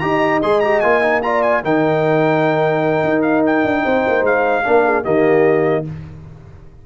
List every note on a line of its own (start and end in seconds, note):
0.00 0.43 D#4
0.00 0.42 G4
0.00 1.24 D#5
0.00 0.40 A#5
0.42 0.83 G#3
0.42 0.64 G#4
0.42 0.61 C6
0.61 0.83 G4
0.61 0.81 A#5
0.81 1.64 A#3
0.81 1.03 F4
0.81 1.21 G#5
1.03 1.23 D#4
1.22 1.64 F4
1.22 1.65 D5
1.22 1.43 A#5
1.43 1.63 G#5
1.64 3.04 D#3
1.64 4.65 D#4
1.64 3.84 A#4
1.64 3.22 G5
3.04 3.64 D#4
3.22 3.42 F5
3.46 4.26 G5
3.64 3.85 D4
3.84 4.05 C4
3.84 4.65 C5
4.08 4.22 A#3
4.22 4.63 G#3
4.22 5.05 F5
4.65 5.06 A#3
4.65 5.05 D4
4.65 4.85 A#4
4.85 5.04 G#4
5.04 5.86 D#3
5.04 5.85 A#3
5.04 5.84 G4
5.04 5.85 D#5